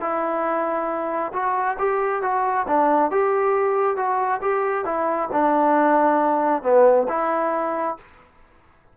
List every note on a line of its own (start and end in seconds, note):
0.00 1.32 E4
1.33 1.77 F#4
1.78 2.22 G4
2.22 2.66 F#4
2.67 3.11 D4
3.11 3.96 G4
3.96 4.41 F#4
4.42 4.85 G4
4.85 5.29 E4
5.32 6.63 D4
6.63 7.07 B3
7.08 7.97 E4